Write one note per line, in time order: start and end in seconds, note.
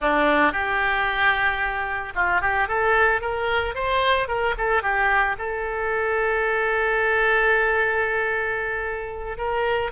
0.01 0.52 D4
0.52 2.13 G4
2.15 2.41 F4
2.41 2.67 G4
2.67 3.21 A4
3.21 3.74 A#4
3.74 4.27 C5
4.27 4.54 A#4
4.57 4.82 A4
4.82 5.36 G4
5.38 9.37 A4
9.37 9.91 A#4